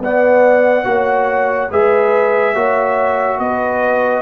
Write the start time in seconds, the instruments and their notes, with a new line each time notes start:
0.00 tuba B3, trombone B3, horn D5, trumpet F#5
0.85 tuba A#3, trombone F#4, horn C#5
1.71 tuba G#3, trombone G#4, horn B4, trumpet E5
2.55 tuba A#3, trombone F#4, horn C#5
3.39 tuba B3, horn B4, trumpet D#5